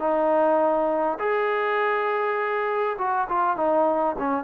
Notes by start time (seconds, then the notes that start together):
0.00 D#4
1.20 G#4
2.99 F#4
3.29 F4
3.57 D#4
4.19 C#4